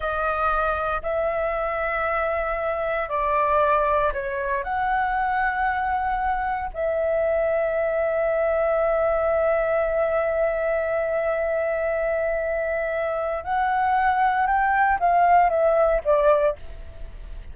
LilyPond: \new Staff \with { instrumentName = "flute" } { \time 4/4 \tempo 4 = 116 dis''2 e''2~ | e''2 d''2 | cis''4 fis''2.~ | fis''4 e''2.~ |
e''1~ | e''1~ | e''2 fis''2 | g''4 f''4 e''4 d''4 | }